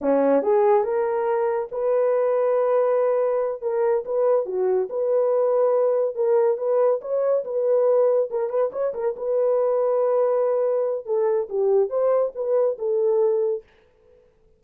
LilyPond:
\new Staff \with { instrumentName = "horn" } { \time 4/4 \tempo 4 = 141 cis'4 gis'4 ais'2 | b'1~ | b'8 ais'4 b'4 fis'4 b'8~ | b'2~ b'8 ais'4 b'8~ |
b'8 cis''4 b'2 ais'8 | b'8 cis''8 ais'8 b'2~ b'8~ | b'2 a'4 g'4 | c''4 b'4 a'2 | }